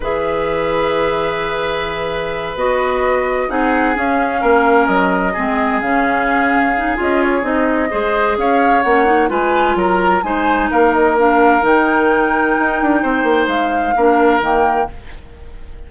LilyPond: <<
  \new Staff \with { instrumentName = "flute" } { \time 4/4 \tempo 4 = 129 e''1~ | e''4. dis''2 fis''8~ | fis''8 f''2 dis''4.~ | dis''8 f''2~ f''8 dis''8 cis''8 |
dis''2 f''4 fis''4 | gis''4 ais''4 gis''4 f''8 dis''8 | f''4 g''2.~ | g''4 f''2 g''4 | }
  \new Staff \with { instrumentName = "oboe" } { \time 4/4 b'1~ | b'2.~ b'8 gis'8~ | gis'4. ais'2 gis'8~ | gis'1~ |
gis'4 c''4 cis''2 | b'4 ais'4 c''4 ais'4~ | ais'1 | c''2 ais'2 | }
  \new Staff \with { instrumentName = "clarinet" } { \time 4/4 gis'1~ | gis'4. fis'2 dis'8~ | dis'8 cis'2. c'8~ | c'8 cis'2 dis'8 f'4 |
dis'4 gis'2 cis'8 dis'8 | f'2 dis'2 | d'4 dis'2.~ | dis'2 d'4 ais4 | }
  \new Staff \with { instrumentName = "bassoon" } { \time 4/4 e1~ | e4. b2 c'8~ | c'8 cis'4 ais4 fis4 gis8~ | gis8 cis2~ cis8 cis'4 |
c'4 gis4 cis'4 ais4 | gis4 fis4 gis4 ais4~ | ais4 dis2 dis'8 d'8 | c'8 ais8 gis4 ais4 dis4 | }
>>